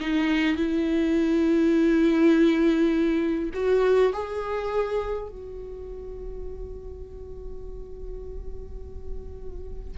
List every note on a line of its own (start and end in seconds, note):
0.00 0.56 D#4
0.56 3.50 E4
3.53 4.12 F#4
4.13 5.28 G#4
5.28 9.97 F#4